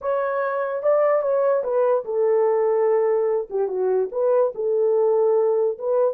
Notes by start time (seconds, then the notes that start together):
0.01 C#5
0.82 D5
1.21 C#5
1.63 B4
2.04 A4
3.50 G4
3.68 F#4
4.11 B4
4.54 A4
5.78 B4